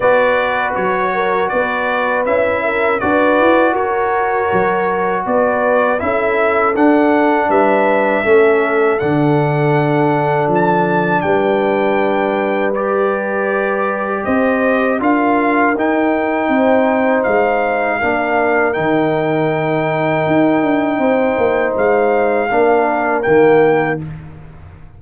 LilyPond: <<
  \new Staff \with { instrumentName = "trumpet" } { \time 4/4 \tempo 4 = 80 d''4 cis''4 d''4 e''4 | d''4 cis''2 d''4 | e''4 fis''4 e''2 | fis''2 a''4 g''4~ |
g''4 d''2 dis''4 | f''4 g''2 f''4~ | f''4 g''2.~ | g''4 f''2 g''4 | }
  \new Staff \with { instrumentName = "horn" } { \time 4/4 b'4. ais'8 b'4. ais'8 | b'4 ais'2 b'4 | a'2 b'4 a'4~ | a'2. b'4~ |
b'2. c''4 | ais'2 c''2 | ais'1 | c''2 ais'2 | }
  \new Staff \with { instrumentName = "trombone" } { \time 4/4 fis'2. e'4 | fis'1 | e'4 d'2 cis'4 | d'1~ |
d'4 g'2. | f'4 dis'2. | d'4 dis'2.~ | dis'2 d'4 ais4 | }
  \new Staff \with { instrumentName = "tuba" } { \time 4/4 b4 fis4 b4 cis'4 | d'8 e'8 fis'4 fis4 b4 | cis'4 d'4 g4 a4 | d2 f4 g4~ |
g2. c'4 | d'4 dis'4 c'4 gis4 | ais4 dis2 dis'8 d'8 | c'8 ais8 gis4 ais4 dis4 | }
>>